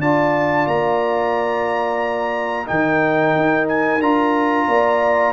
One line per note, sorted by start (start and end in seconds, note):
0.00 0.67 D4
0.00 2.66 F4
0.00 2.67 D5
0.00 0.67 A5
0.67 2.67 A#3
0.67 2.67 A#5
2.66 3.36 D#3
2.66 4.00 D#4
2.66 4.68 A#4
2.66 3.68 G5
3.36 4.00 D#4
3.69 4.02 G#5
4.00 4.67 D4
4.00 5.33 F4
4.00 5.33 A#5
4.68 5.33 A#3
4.68 5.33 D5